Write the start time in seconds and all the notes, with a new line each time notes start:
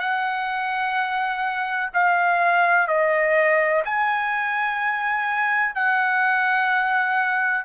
0.00 F#5
1.94 F5
2.87 D#5
3.85 G#5
5.75 F#5